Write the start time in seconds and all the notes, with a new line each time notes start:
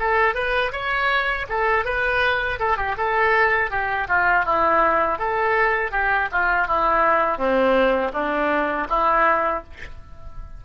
0.00 A4
0.35 B4
0.73 C#5
1.49 A4
1.86 B4
2.60 A4
2.77 G4
2.98 A4
3.71 G4
4.09 F4
4.45 E4
5.19 A4
5.92 G4
6.33 F4
6.68 E4
7.38 C4
8.14 D4
8.90 E4